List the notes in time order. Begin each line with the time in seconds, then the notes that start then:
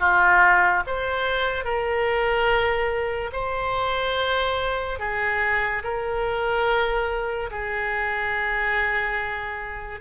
0.00 F4
0.87 C5
1.64 A#4
3.33 C5
5.00 G#4
5.84 A#4
7.51 G#4